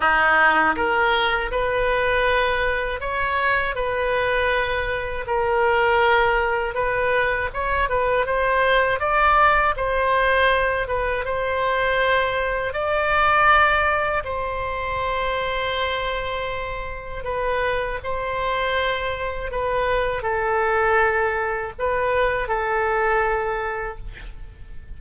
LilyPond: \new Staff \with { instrumentName = "oboe" } { \time 4/4 \tempo 4 = 80 dis'4 ais'4 b'2 | cis''4 b'2 ais'4~ | ais'4 b'4 cis''8 b'8 c''4 | d''4 c''4. b'8 c''4~ |
c''4 d''2 c''4~ | c''2. b'4 | c''2 b'4 a'4~ | a'4 b'4 a'2 | }